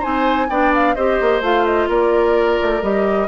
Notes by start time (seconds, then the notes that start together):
0.00 C4 D#4 C5 G#5
0.50 B3 D4 D5 G5
0.75 F5
0.95 C4 G4 C5 D#5
1.21 A#3
1.42 A3 F4 F5
1.66 D#5
1.89 A#3 A#4 D5
2.62 A3
2.82 G3 G4 D#5